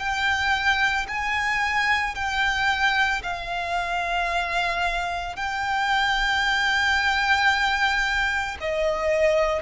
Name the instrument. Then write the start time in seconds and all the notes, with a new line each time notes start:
violin
0.00 G5
1.09 G#5
2.15 G5
3.23 F5
5.36 G5
8.61 D#5